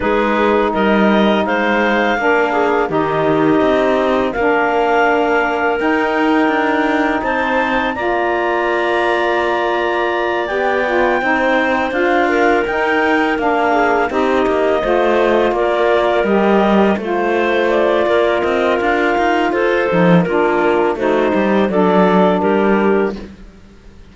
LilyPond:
<<
  \new Staff \with { instrumentName = "clarinet" } { \time 4/4 \tempo 4 = 83 b'4 dis''4 f''2 | dis''2 f''2 | g''2 a''4 ais''4~ | ais''2~ ais''8 g''4.~ |
g''8 f''4 g''4 f''4 dis''8~ | dis''4. d''4 dis''4 c''8~ | c''8 d''4 dis''8 f''4 c''4 | ais'4 c''4 d''4 ais'4 | }
  \new Staff \with { instrumentName = "clarinet" } { \time 4/4 gis'4 ais'4 c''4 ais'8 gis'8 | g'2 ais'2~ | ais'2 c''4 d''4~ | d''2.~ d''8 c''8~ |
c''4 ais'2 gis'8 g'8~ | g'8 c''4 ais'2 c''8~ | c''4 ais'2 a'4 | f'4 fis'8 g'8 a'4 g'4 | }
  \new Staff \with { instrumentName = "saxophone" } { \time 4/4 dis'2. d'4 | dis'2 d'2 | dis'2. f'4~ | f'2~ f'8 g'8 f'8 dis'8~ |
dis'8 f'4 dis'4 d'4 dis'8~ | dis'8 f'2 g'4 f'8~ | f'2.~ f'8 dis'8 | d'4 dis'4 d'2 | }
  \new Staff \with { instrumentName = "cello" } { \time 4/4 gis4 g4 gis4 ais4 | dis4 c'4 ais2 | dis'4 d'4 c'4 ais4~ | ais2~ ais8 b4 c'8~ |
c'8 d'4 dis'4 ais4 c'8 | ais8 a4 ais4 g4 a8~ | a4 ais8 c'8 d'8 dis'8 f'8 f8 | ais4 a8 g8 fis4 g4 | }
>>